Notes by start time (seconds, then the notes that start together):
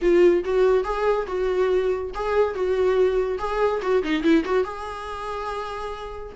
0.01 F4
0.44 F#4
0.84 G#4
1.26 F#4
2.14 G#4
2.54 F#4
3.38 G#4
3.81 F#4
4.03 D#4
4.23 E4
4.44 F#4
4.64 G#4